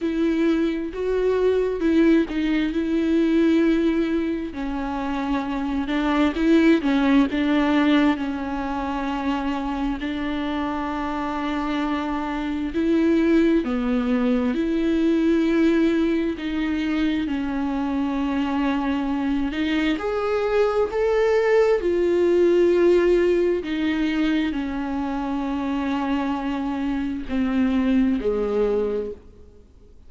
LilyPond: \new Staff \with { instrumentName = "viola" } { \time 4/4 \tempo 4 = 66 e'4 fis'4 e'8 dis'8 e'4~ | e'4 cis'4. d'8 e'8 cis'8 | d'4 cis'2 d'4~ | d'2 e'4 b4 |
e'2 dis'4 cis'4~ | cis'4. dis'8 gis'4 a'4 | f'2 dis'4 cis'4~ | cis'2 c'4 gis4 | }